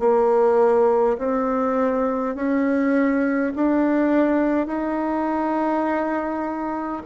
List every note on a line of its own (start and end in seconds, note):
0.00 1.18 A#3
1.18 2.35 C4
2.35 3.53 C#4
3.56 4.67 D4
4.67 7.03 D#4